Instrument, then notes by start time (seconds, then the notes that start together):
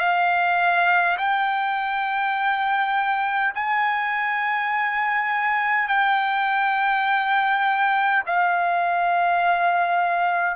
trumpet
0.00 F5
1.18 G5
3.55 G#5
5.89 G5
8.26 F5